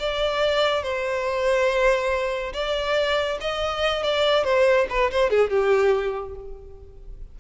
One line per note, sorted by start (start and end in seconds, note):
0.00 0.83 D5
0.83 2.53 C5
2.54 3.39 D5
3.41 4.03 D#5
4.03 4.45 D5
4.45 4.87 C5
4.90 5.11 B4
5.11 5.30 C5
5.30 5.50 G#4
5.50 6.36 G4